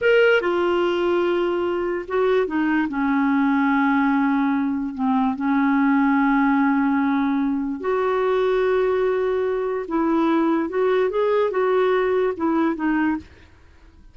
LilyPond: \new Staff \with { instrumentName = "clarinet" } { \time 4/4 \tempo 4 = 146 ais'4 f'2.~ | f'4 fis'4 dis'4 cis'4~ | cis'1 | c'4 cis'2.~ |
cis'2. fis'4~ | fis'1 | e'2 fis'4 gis'4 | fis'2 e'4 dis'4 | }